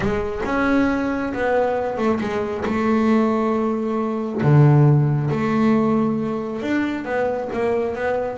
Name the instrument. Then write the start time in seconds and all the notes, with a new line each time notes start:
double bass
0.00 G#3
0.45 C#4
1.33 B3
1.97 A3
2.20 G#3
2.65 A3
4.41 D3
5.30 A3
6.62 D4
7.04 B3
7.52 A#3
7.95 B3